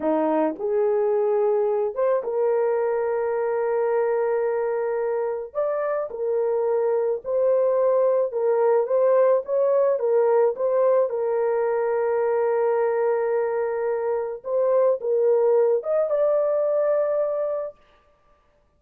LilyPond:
\new Staff \with { instrumentName = "horn" } { \time 4/4 \tempo 4 = 108 dis'4 gis'2~ gis'8 c''8 | ais'1~ | ais'2 d''4 ais'4~ | ais'4 c''2 ais'4 |
c''4 cis''4 ais'4 c''4 | ais'1~ | ais'2 c''4 ais'4~ | ais'8 dis''8 d''2. | }